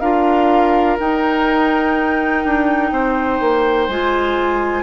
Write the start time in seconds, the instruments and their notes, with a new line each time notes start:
0.00 bassoon D4, clarinet F4, oboe A#4, flute F5
1.00 clarinet D#4, bassoon D#4, flute G5
2.45 bassoon D4
2.91 bassoon C4, oboe C5
3.40 bassoon A#3
3.88 bassoon G#3, clarinet F4, flute G#5